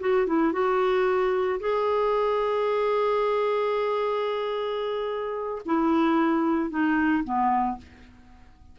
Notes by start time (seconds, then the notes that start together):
0.00 F#4
0.27 E4
0.52 F#4
1.60 G#4
5.65 E4
6.70 D#4
7.24 B3